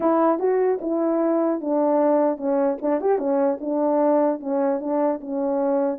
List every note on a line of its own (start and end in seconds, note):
0.00 0.39 E4
0.39 0.79 F#4
0.81 1.61 E4
1.61 2.37 D4
2.37 2.77 C#4
2.81 3.00 D4
3.00 3.18 G4
3.18 3.58 C#4
3.60 4.40 D4
4.40 4.80 C#4
4.80 5.20 D4
5.20 5.98 C#4